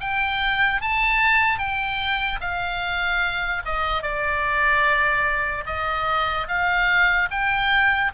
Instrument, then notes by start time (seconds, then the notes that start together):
oboe
0.00 G5
0.81 A5
1.58 G5
2.40 F5
3.65 D#5
4.02 D5
5.66 D#5
6.48 F5
7.30 G5